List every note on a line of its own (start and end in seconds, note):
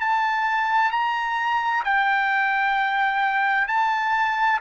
0.00 0.91 A5
0.91 1.84 A#5
1.85 3.68 G5
3.68 4.60 A5